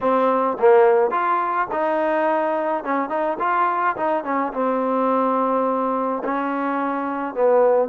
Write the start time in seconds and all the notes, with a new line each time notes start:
0.00 C4
0.59 A#3
1.10 F4
1.71 D#4
2.84 C#4
3.09 D#4
3.39 F4
3.96 D#4
4.24 C#4
4.53 C4
6.23 C#4
7.34 B3